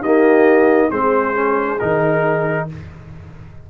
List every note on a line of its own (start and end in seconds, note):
0.00 0.91 A#3
0.00 0.89 D#4
0.00 0.88 G4
0.00 0.91 D#5
0.90 1.80 G#3
0.90 1.35 C4
0.90 2.67 G#4
0.90 1.79 C5
1.35 1.79 C#4
1.79 2.70 D#3
1.79 2.69 D#4
1.79 2.68 A#4